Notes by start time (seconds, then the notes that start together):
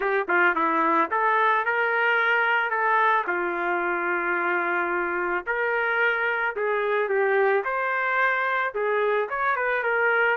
0.00 G4
0.28 F4
0.55 E4
1.10 A4
1.65 A#4
2.70 A4
3.27 F4
5.46 A#4
6.56 G#4
7.09 G4
7.64 C5
8.74 G#4
9.29 C#5
9.56 B4
9.83 A#4